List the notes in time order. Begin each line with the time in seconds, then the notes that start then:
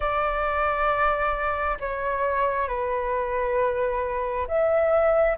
0.00 D5
1.80 C#5
2.67 B4
4.47 E5